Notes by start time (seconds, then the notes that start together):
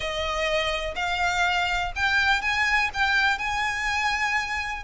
0.00 D#5
0.95 F5
1.95 G5
2.41 G#5
2.93 G5
3.38 G#5